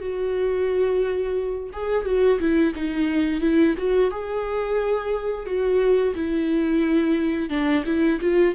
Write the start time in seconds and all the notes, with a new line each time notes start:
0.00 F#4
1.73 G#4
2.05 F#4
2.40 E4
2.75 D#4
3.41 E4
3.77 F#4
4.11 G#4
5.46 F#4
6.15 E4
7.50 D4
7.86 E4
8.21 F4